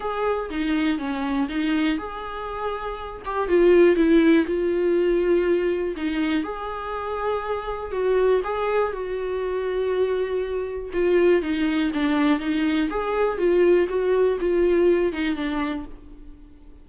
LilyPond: \new Staff \with { instrumentName = "viola" } { \time 4/4 \tempo 4 = 121 gis'4 dis'4 cis'4 dis'4 | gis'2~ gis'8 g'8 f'4 | e'4 f'2. | dis'4 gis'2. |
fis'4 gis'4 fis'2~ | fis'2 f'4 dis'4 | d'4 dis'4 gis'4 f'4 | fis'4 f'4. dis'8 d'4 | }